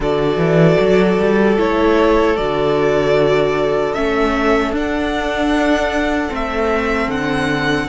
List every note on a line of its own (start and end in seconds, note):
0.00 0.37 D3
0.00 1.57 F#4
0.00 7.88 A4
0.00 1.59 D5
0.37 0.76 E3
0.79 1.18 F#3
1.18 1.58 G3
1.57 2.38 A3
1.57 2.36 E4
1.57 2.36 C#5
2.36 3.95 D3
2.36 3.94 F#4
2.36 3.93 D5
3.93 4.71 A3
3.93 4.73 C#4
3.93 4.72 E5
4.71 6.29 D4
4.71 6.28 D4
4.71 6.34 F#5
6.28 7.07 A3
6.28 7.86 C4
6.28 7.10 E5
7.07 7.86 D3
7.07 7.88 F#5